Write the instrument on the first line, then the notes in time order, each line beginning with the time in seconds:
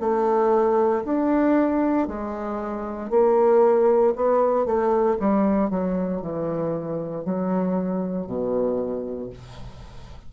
bassoon
0.00 A3
1.04 D4
2.07 G#3
3.10 A#3
4.15 B3
4.66 A3
5.20 G3
5.70 F#3
6.21 E3
7.25 F#3
8.26 B2